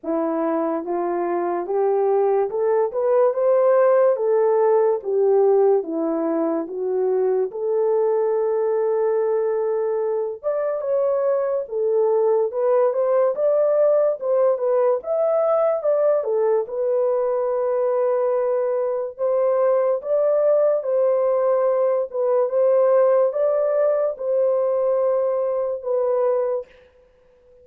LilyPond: \new Staff \with { instrumentName = "horn" } { \time 4/4 \tempo 4 = 72 e'4 f'4 g'4 a'8 b'8 | c''4 a'4 g'4 e'4 | fis'4 a'2.~ | a'8 d''8 cis''4 a'4 b'8 c''8 |
d''4 c''8 b'8 e''4 d''8 a'8 | b'2. c''4 | d''4 c''4. b'8 c''4 | d''4 c''2 b'4 | }